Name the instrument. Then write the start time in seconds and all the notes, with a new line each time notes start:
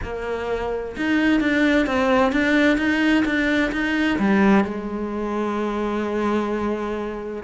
cello
0.03 A#3
0.96 D#4
1.40 D4
1.86 C4
2.32 D4
2.77 D#4
3.25 D4
3.72 D#4
4.18 G3
4.64 G#3